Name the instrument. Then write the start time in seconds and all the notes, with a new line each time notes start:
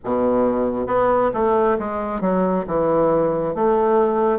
bassoon
0.04 B2
0.86 B3
1.33 A3
1.78 G#3
2.20 F#3
2.67 E3
3.55 A3